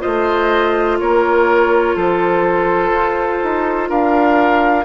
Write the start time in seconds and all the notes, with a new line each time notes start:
0.00 A3 F4 C5 D#5
0.99 A#3 A#4 C#5
1.96 F3 A4 C5
2.90 F4
3.43 D#4
3.89 D4 A#4 F5